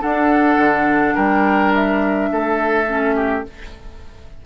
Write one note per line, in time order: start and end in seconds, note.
0.00 2.86 D4
0.00 0.57 D4
0.00 1.15 A4
0.00 1.16 F#5
0.57 1.15 D3
1.15 2.31 G3
1.15 2.29 A#4
1.15 1.73 G5
1.74 3.46 E5
2.31 3.46 A3
2.31 3.16 A4
2.87 3.44 C#4
3.16 3.44 G4